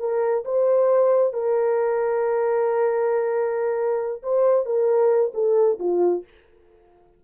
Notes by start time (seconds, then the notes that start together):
0.00 A#4
0.45 C5
1.33 A#4
4.23 C5
4.66 A#4
5.34 A4
5.80 F4